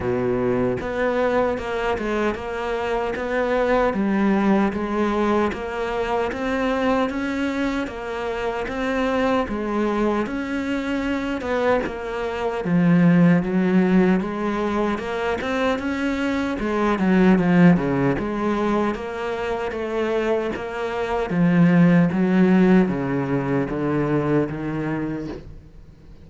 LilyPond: \new Staff \with { instrumentName = "cello" } { \time 4/4 \tempo 4 = 76 b,4 b4 ais8 gis8 ais4 | b4 g4 gis4 ais4 | c'4 cis'4 ais4 c'4 | gis4 cis'4. b8 ais4 |
f4 fis4 gis4 ais8 c'8 | cis'4 gis8 fis8 f8 cis8 gis4 | ais4 a4 ais4 f4 | fis4 cis4 d4 dis4 | }